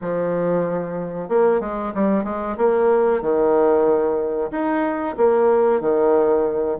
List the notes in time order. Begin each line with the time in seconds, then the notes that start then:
0.01 F3
1.28 A#3
1.60 G#3
1.94 G3
2.24 G#3
2.57 A#3
3.21 D#3
4.51 D#4
5.17 A#3
5.80 D#3